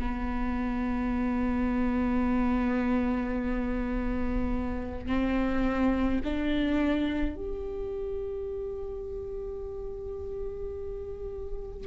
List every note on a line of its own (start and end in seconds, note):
0.00 5.07 B3
5.07 6.21 C4
6.25 7.36 D4
7.36 11.88 G4